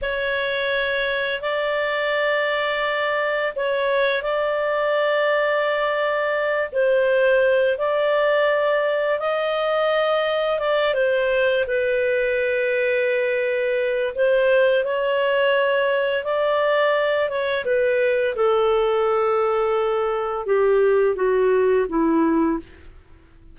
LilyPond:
\new Staff \with { instrumentName = "clarinet" } { \time 4/4 \tempo 4 = 85 cis''2 d''2~ | d''4 cis''4 d''2~ | d''4. c''4. d''4~ | d''4 dis''2 d''8 c''8~ |
c''8 b'2.~ b'8 | c''4 cis''2 d''4~ | d''8 cis''8 b'4 a'2~ | a'4 g'4 fis'4 e'4 | }